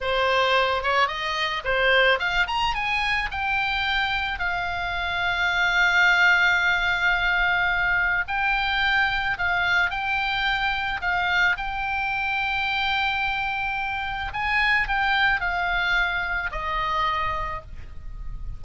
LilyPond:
\new Staff \with { instrumentName = "oboe" } { \time 4/4 \tempo 4 = 109 c''4. cis''8 dis''4 c''4 | f''8 ais''8 gis''4 g''2 | f''1~ | f''2. g''4~ |
g''4 f''4 g''2 | f''4 g''2.~ | g''2 gis''4 g''4 | f''2 dis''2 | }